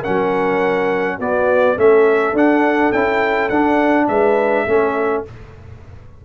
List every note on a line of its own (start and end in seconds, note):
0.00 1.19 C#4
0.00 1.15 A#4
0.00 1.19 F#5
0.07 1.19 F#3
1.19 1.77 B3
1.19 1.76 B3
1.19 1.75 F#4
1.19 1.78 D5
1.75 2.33 A3
1.75 2.34 C#4
1.75 4.06 A4
1.75 2.36 E5
2.33 2.91 D4
2.33 2.93 D4
2.33 2.92 F#5
2.91 3.49 C#4
2.91 3.51 E4
2.91 3.49 G5
3.49 4.07 D4
3.49 4.67 D4
3.49 4.06 F#5
4.08 4.66 G#3
4.08 4.66 B4
4.08 5.23 E5
4.66 5.24 A3
4.66 5.25 C#4
4.66 5.24 A4